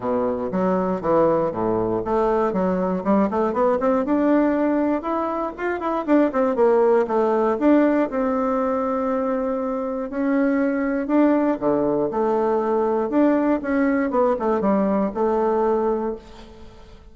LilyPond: \new Staff \with { instrumentName = "bassoon" } { \time 4/4 \tempo 4 = 119 b,4 fis4 e4 a,4 | a4 fis4 g8 a8 b8 c'8 | d'2 e'4 f'8 e'8 | d'8 c'8 ais4 a4 d'4 |
c'1 | cis'2 d'4 d4 | a2 d'4 cis'4 | b8 a8 g4 a2 | }